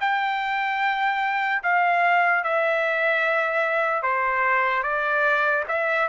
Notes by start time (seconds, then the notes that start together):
0.00 G5
1.63 F5
2.44 E5
4.02 C5
4.83 D5
5.68 E5